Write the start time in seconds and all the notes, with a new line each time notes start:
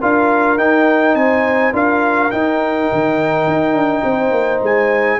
0.00 D4 F4 A#4 F5
0.57 D#4 G5
1.14 C4 C5 G#5
1.72 D4 F4 A#4 F5
2.31 D#4 G5
2.92 D#3
3.47 D#4
3.73 D4
4.03 C4 C5
4.31 A#3
4.62 G#3 G#5